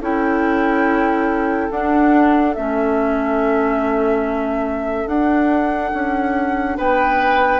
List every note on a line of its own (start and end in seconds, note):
0.00 1.70 C#4
0.00 1.70 E4
0.00 6.76 A4
0.00 1.70 G5
1.70 2.55 D4
1.70 2.54 F#5
2.54 5.07 A3
2.54 5.09 C#4
2.54 5.07 E5
5.07 5.91 D4
5.07 7.59 D4
5.07 6.76 F#5
5.93 6.77 C#4
6.77 7.59 B3
6.77 7.59 B4
6.77 7.59 G5